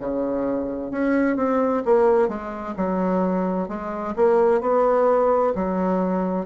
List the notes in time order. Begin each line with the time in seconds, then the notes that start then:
0.00 C#3
0.91 C#4
1.37 C4
1.85 A#3
2.29 G#3
2.77 F#3
3.68 G#3
4.16 A#3
4.61 B3
5.56 F#3